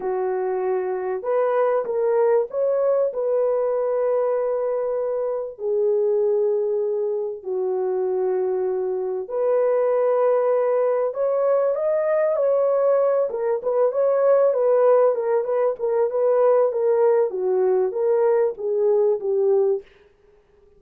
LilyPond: \new Staff \with { instrumentName = "horn" } { \time 4/4 \tempo 4 = 97 fis'2 b'4 ais'4 | cis''4 b'2.~ | b'4 gis'2. | fis'2. b'4~ |
b'2 cis''4 dis''4 | cis''4. ais'8 b'8 cis''4 b'8~ | b'8 ais'8 b'8 ais'8 b'4 ais'4 | fis'4 ais'4 gis'4 g'4 | }